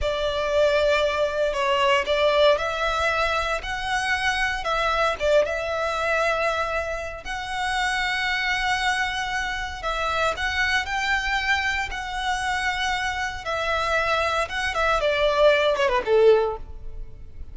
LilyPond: \new Staff \with { instrumentName = "violin" } { \time 4/4 \tempo 4 = 116 d''2. cis''4 | d''4 e''2 fis''4~ | fis''4 e''4 d''8 e''4.~ | e''2 fis''2~ |
fis''2. e''4 | fis''4 g''2 fis''4~ | fis''2 e''2 | fis''8 e''8 d''4. cis''16 b'16 a'4 | }